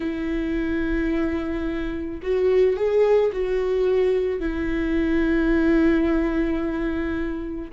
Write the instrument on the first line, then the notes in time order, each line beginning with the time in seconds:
viola
0.00 E4
2.22 F#4
2.76 G#4
3.32 F#4
4.40 E4